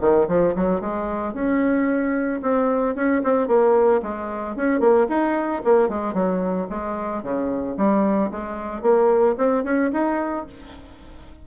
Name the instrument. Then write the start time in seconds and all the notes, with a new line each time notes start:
bassoon
0.00 D#3
0.28 F3
0.55 F#3
0.80 G#3
1.33 C#4
2.42 C4
2.95 C#4
3.23 C4
3.47 A#3
4.02 G#3
4.56 C#4
4.80 A#3
5.08 D#4
5.64 A#3
5.88 G#3
6.13 F#3
6.69 G#3
7.23 C#3
7.77 G3
8.31 G#3
8.82 A#3
9.37 C4
9.64 C#4
9.92 D#4